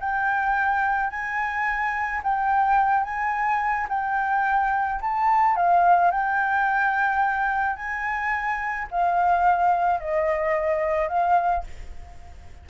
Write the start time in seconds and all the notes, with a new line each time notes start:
0.00 G5
1.10 G#5
2.24 G5
3.04 G#5
3.89 G5
5.01 A5
5.56 F5
6.11 G5
7.77 G#5
8.91 F5
10.01 D#5
11.09 F5